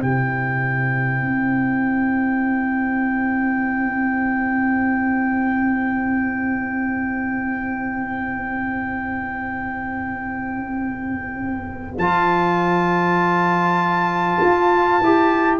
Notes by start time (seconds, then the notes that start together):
0.00 C3 E4 C5 G5
1.21 C4
11.98 F3 F4 A5
14.41 F4
15.02 E4 G4